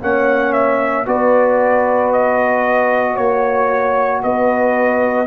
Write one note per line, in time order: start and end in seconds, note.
0.00 1.06 A#3
0.00 1.05 C#4
0.00 1.06 C#5
0.00 0.53 F#5
0.53 1.05 E5
1.05 3.17 B3
1.05 5.27 F#4
1.05 3.13 B4
1.05 2.12 D5
2.12 3.16 D#5
3.13 4.22 A#3
3.13 4.19 C#5
3.13 4.21 C#5
4.23 5.27 B3
4.23 5.27 B4
4.23 5.27 D#5